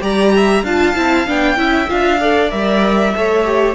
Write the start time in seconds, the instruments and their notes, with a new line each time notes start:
0.00 cello G3, viola G4, violin D5 A#5
0.36 violin E5
0.62 cello D4, viola F4, violin F5 A5
0.95 cello C4, viola E4
1.27 cello B3, viola D4, violin G5
1.56 cello C#4, viola E4, violin E5
1.87 cello D4, viola F4, violin F5
2.20 viola A4, violin D5
2.50 cello G3, viola A#4, violin E5
3.14 cello A3, viola A4, violin C#5
3.44 viola G4